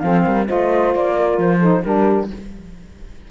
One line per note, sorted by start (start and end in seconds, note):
0.00 0.26 F3
0.00 0.47 C4
0.00 0.25 A4
0.00 0.45 F5
0.25 0.49 G3
0.25 0.48 A#4
0.47 0.96 A3
0.47 1.60 F4
0.47 1.15 C5
0.47 0.93 D#5
0.95 1.38 A#3
0.95 1.40 D5
1.17 1.60 A#4
1.38 1.83 F3
1.38 1.84 C5
1.60 1.84 D#4
1.60 1.83 A4
1.84 2.31 G3
1.84 2.30 D4
1.84 2.31 G4
1.84 2.29 A#4